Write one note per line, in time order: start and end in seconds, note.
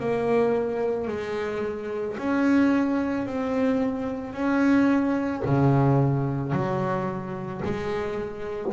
0.00 1.08 A#3
1.08 2.17 G#3
2.18 3.27 C#4
3.27 4.34 C4
4.34 5.43 C#4
5.45 6.53 C#3
6.53 7.62 F#3
7.65 8.73 G#3